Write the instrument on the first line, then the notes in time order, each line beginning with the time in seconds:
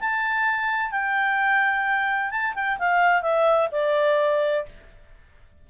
clarinet
0.00 A5
0.91 G5
2.31 A5
2.55 G5
2.79 F5
3.22 E5
3.72 D5